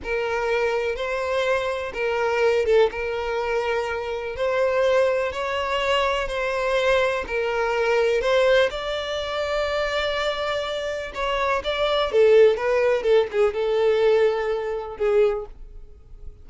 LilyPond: \new Staff \with { instrumentName = "violin" } { \time 4/4 \tempo 4 = 124 ais'2 c''2 | ais'4. a'8 ais'2~ | ais'4 c''2 cis''4~ | cis''4 c''2 ais'4~ |
ais'4 c''4 d''2~ | d''2. cis''4 | d''4 a'4 b'4 a'8 gis'8 | a'2. gis'4 | }